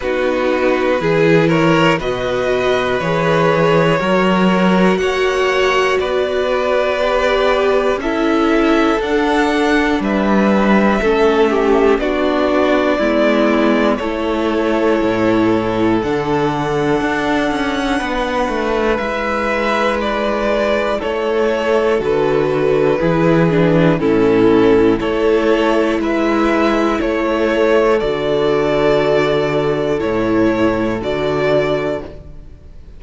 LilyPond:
<<
  \new Staff \with { instrumentName = "violin" } { \time 4/4 \tempo 4 = 60 b'4. cis''8 dis''4 cis''4~ | cis''4 fis''4 d''2 | e''4 fis''4 e''2 | d''2 cis''2 |
fis''2. e''4 | d''4 cis''4 b'2 | a'4 cis''4 e''4 cis''4 | d''2 cis''4 d''4 | }
  \new Staff \with { instrumentName = "violin" } { \time 4/4 fis'4 gis'8 ais'8 b'2 | ais'4 cis''4 b'2 | a'2 b'4 a'8 g'8 | fis'4 e'4 a'2~ |
a'2 b'2~ | b'4 a'2 gis'4 | e'4 a'4 b'4 a'4~ | a'1 | }
  \new Staff \with { instrumentName = "viola" } { \time 4/4 dis'4 e'4 fis'4 gis'4 | fis'2. g'4 | e'4 d'2 cis'4 | d'4 b4 e'2 |
d'2. e'4~ | e'2 fis'4 e'8 d'8 | cis'4 e'2. | fis'2 e'4 fis'4 | }
  \new Staff \with { instrumentName = "cello" } { \time 4/4 b4 e4 b,4 e4 | fis4 ais4 b2 | cis'4 d'4 g4 a4 | b4 gis4 a4 a,4 |
d4 d'8 cis'8 b8 a8 gis4~ | gis4 a4 d4 e4 | a,4 a4 gis4 a4 | d2 a,4 d4 | }
>>